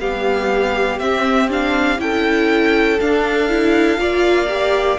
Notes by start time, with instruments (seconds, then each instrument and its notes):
0.00 viola G3, cello B3, violin G4 F5
0.99 cello C4, viola C4, violin E5
1.49 viola D4, violin F5
1.98 cello C#4, viola E4, violin A4 G5
3.00 viola D4, cello D4, violin F5
3.49 viola E4
3.98 cello A#3, viola F4, violin D5
4.48 viola G4